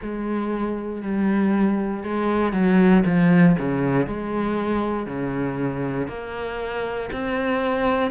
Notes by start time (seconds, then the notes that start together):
0.01 G#3
1.02 G3
2.03 G#3
2.52 F#3
3.05 F3
3.58 C#3
4.06 G#3
5.06 C#3
6.07 A#3
7.12 C4